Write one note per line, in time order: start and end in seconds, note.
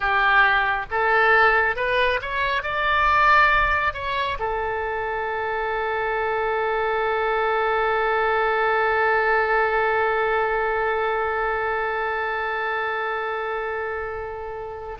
0.00 0.86 G4
0.91 1.76 A4
1.76 2.20 B4
2.21 2.62 C#5
2.62 3.93 D5
3.93 4.38 C#5
4.39 14.98 A4